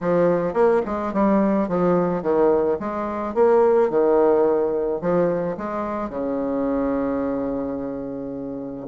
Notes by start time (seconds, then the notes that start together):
0.00 F3
0.53 A#3
0.85 G#3
1.13 G3
1.68 F3
2.22 D#3
2.79 G#3
3.34 A#3
3.90 D#3
5.01 F3
5.57 G#3
6.09 C#3